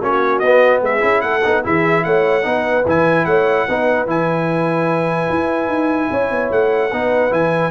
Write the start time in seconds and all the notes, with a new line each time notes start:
0.00 A#3 C#4 F#4 C#5
0.39 B3 D#5
0.46 B3
0.81 G#3 G#4 E5
1.00 C#4 E4
1.21 A3 A4 F#5
1.44 B3 D#4
1.64 E3 E4 G#4 E5
2.04 A3 C#5 F#5
2.43 B3 D#4 B4
2.86 E3 E4 G#5
3.25 A3 C#5 F#5
3.68 B3 D#4 B4
4.06 E3 E4 G#5
5.29 E4
5.68 D#4
6.11 C#4 C#5
6.30 B3
6.51 A3 F#5
6.92 B3 D#4 B4
7.30 E3 E4 G#5